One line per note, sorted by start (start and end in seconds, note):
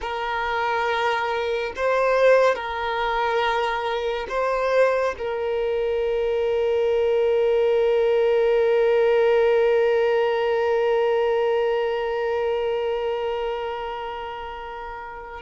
0.01 1.72 A#4
1.76 2.55 C5
2.55 4.26 A#4
4.29 5.14 C5
5.18 15.42 A#4